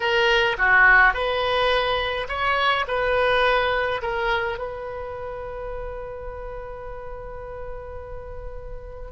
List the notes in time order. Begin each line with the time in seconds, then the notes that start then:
0.00 A#4
0.57 F#4
1.13 B4
2.28 C#5
2.87 B4
4.02 A#4
4.58 B4